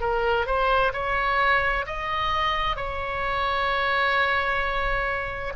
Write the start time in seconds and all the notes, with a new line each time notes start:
0.00 A#4
0.46 C5
0.93 C#5
1.86 D#5
2.76 C#5